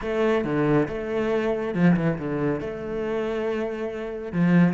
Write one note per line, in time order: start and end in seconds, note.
0.01 0.44 A3
0.44 0.87 D3
0.88 1.74 A3
1.74 1.95 F3
1.96 2.18 E3
2.18 2.60 D3
2.60 4.32 A3
4.32 4.73 F3